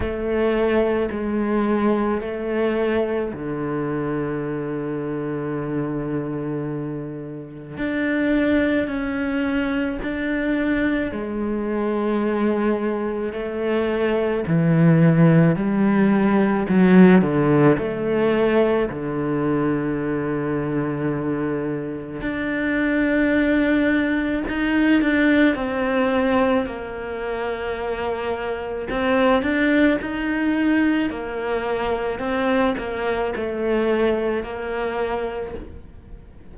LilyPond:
\new Staff \with { instrumentName = "cello" } { \time 4/4 \tempo 4 = 54 a4 gis4 a4 d4~ | d2. d'4 | cis'4 d'4 gis2 | a4 e4 g4 fis8 d8 |
a4 d2. | d'2 dis'8 d'8 c'4 | ais2 c'8 d'8 dis'4 | ais4 c'8 ais8 a4 ais4 | }